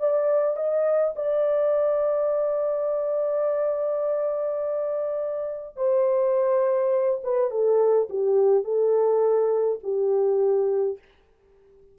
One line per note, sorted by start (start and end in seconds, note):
0.00 0.57 D5
0.57 1.14 D#5
1.16 5.76 D5
5.76 7.21 C5
7.24 7.51 B4
7.51 8.09 A4
8.10 8.64 G4
8.64 9.79 A4
9.83 10.99 G4